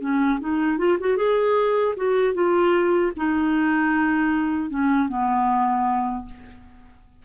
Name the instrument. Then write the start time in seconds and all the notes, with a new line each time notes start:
clarinet
0.00 C#4
0.40 D#4
0.78 F4
1.00 F#4
1.17 G#4
1.96 F#4
2.34 F4
3.16 D#4
4.70 C#4
5.08 B3